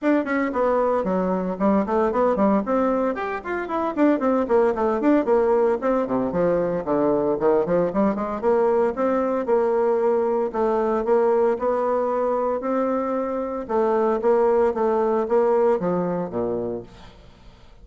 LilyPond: \new Staff \with { instrumentName = "bassoon" } { \time 4/4 \tempo 4 = 114 d'8 cis'8 b4 fis4 g8 a8 | b8 g8 c'4 g'8 f'8 e'8 d'8 | c'8 ais8 a8 d'8 ais4 c'8 c8 | f4 d4 dis8 f8 g8 gis8 |
ais4 c'4 ais2 | a4 ais4 b2 | c'2 a4 ais4 | a4 ais4 f4 ais,4 | }